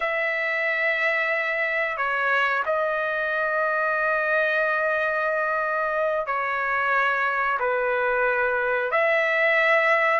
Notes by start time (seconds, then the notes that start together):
0.00 E5
1.97 C#5
2.65 D#5
6.26 C#5
7.59 B4
8.91 E5